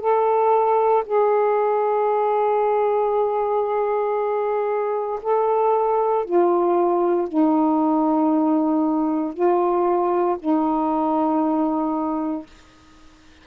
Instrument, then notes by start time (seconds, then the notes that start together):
saxophone
0.00 A4
1.06 G#4
5.22 A4
6.24 F4
7.28 D#4
9.33 F4
10.39 D#4